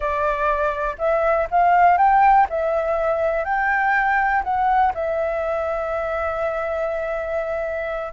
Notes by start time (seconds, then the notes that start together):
0.00 D5
0.98 E5
1.50 F5
1.97 G5
2.49 E5
3.44 G5
4.43 F#5
4.94 E5